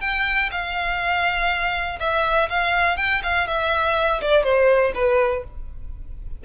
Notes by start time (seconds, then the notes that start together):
0.00 G5
0.51 F5
1.99 E5
2.49 F5
2.97 G5
3.23 F5
3.47 E5
4.21 D5
4.43 C5
4.94 B4